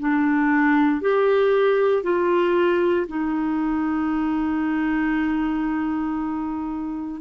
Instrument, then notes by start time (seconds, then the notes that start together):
clarinet
0.00 D4
1.02 G4
2.03 F4
3.08 D#4